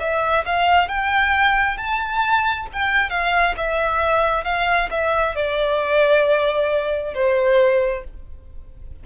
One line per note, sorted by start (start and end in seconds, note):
0.00 0.45 E5
0.46 0.89 F5
0.89 1.78 G5
1.78 2.67 A5
2.73 3.10 G5
3.10 3.55 F5
3.58 4.45 E5
4.45 4.89 F5
4.91 5.36 E5
5.36 7.15 D5
7.15 8.04 C5